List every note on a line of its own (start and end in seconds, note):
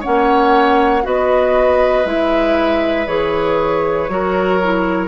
0.00 1.03 C#4
0.00 1.02 C#5
0.00 1.04 F#5
0.06 1.05 A#3
1.03 2.05 B3
1.03 2.04 F#4
1.03 4.11 B4
1.03 2.06 D#5
2.05 3.07 G#3
2.05 3.06 E4
2.05 3.07 E5
3.07 4.08 E3
3.07 4.09 G#4
3.07 5.08 C#5
4.08 5.08 F#3
4.08 4.60 F#4
4.08 5.08 A#4
4.62 5.08 E4